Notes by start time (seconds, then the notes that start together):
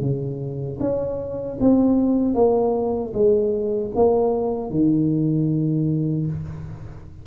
0.00 C#3
0.80 C#4
1.60 C4
2.34 A#3
3.13 G#3
3.95 A#3
4.70 D#3